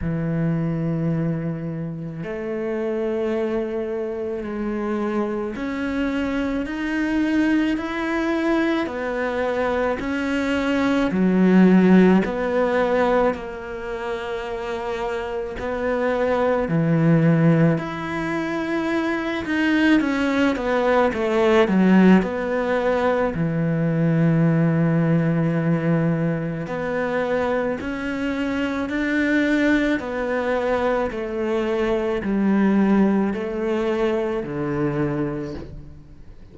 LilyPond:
\new Staff \with { instrumentName = "cello" } { \time 4/4 \tempo 4 = 54 e2 a2 | gis4 cis'4 dis'4 e'4 | b4 cis'4 fis4 b4 | ais2 b4 e4 |
e'4. dis'8 cis'8 b8 a8 fis8 | b4 e2. | b4 cis'4 d'4 b4 | a4 g4 a4 d4 | }